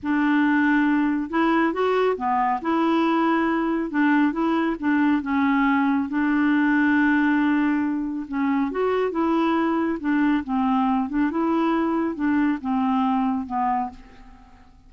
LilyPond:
\new Staff \with { instrumentName = "clarinet" } { \time 4/4 \tempo 4 = 138 d'2. e'4 | fis'4 b4 e'2~ | e'4 d'4 e'4 d'4 | cis'2 d'2~ |
d'2. cis'4 | fis'4 e'2 d'4 | c'4. d'8 e'2 | d'4 c'2 b4 | }